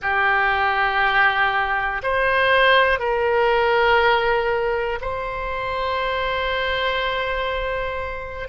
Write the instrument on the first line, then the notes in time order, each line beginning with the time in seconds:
oboe
0.01 G4
2.02 C5
2.99 A#4
5.00 C5